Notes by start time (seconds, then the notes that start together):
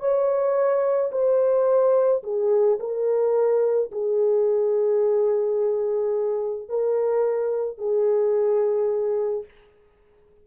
0.00 C#5
1.12 C5
2.24 G#4
2.80 A#4
3.92 G#4
6.69 A#4
7.79 G#4